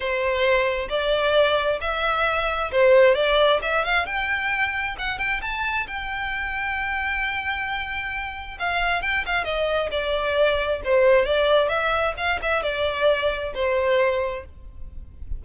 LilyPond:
\new Staff \with { instrumentName = "violin" } { \time 4/4 \tempo 4 = 133 c''2 d''2 | e''2 c''4 d''4 | e''8 f''8 g''2 fis''8 g''8 | a''4 g''2.~ |
g''2. f''4 | g''8 f''8 dis''4 d''2 | c''4 d''4 e''4 f''8 e''8 | d''2 c''2 | }